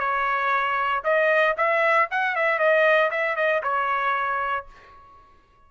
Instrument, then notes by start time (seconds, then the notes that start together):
trumpet
0.00 C#5
1.04 D#5
1.58 E5
2.11 F#5
2.36 E5
2.59 D#5
3.11 E5
3.36 D#5
3.63 C#5